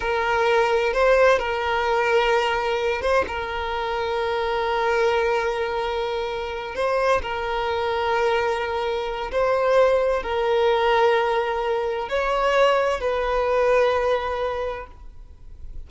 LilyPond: \new Staff \with { instrumentName = "violin" } { \time 4/4 \tempo 4 = 129 ais'2 c''4 ais'4~ | ais'2~ ais'8 c''8 ais'4~ | ais'1~ | ais'2~ ais'8 c''4 ais'8~ |
ais'1 | c''2 ais'2~ | ais'2 cis''2 | b'1 | }